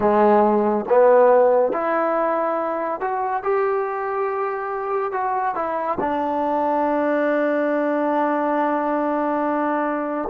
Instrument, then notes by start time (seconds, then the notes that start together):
trombone
0.00 G#3
0.88 B3
1.72 E4
3.00 F#4
3.43 G4
5.12 F#4
5.55 E4
6.00 D4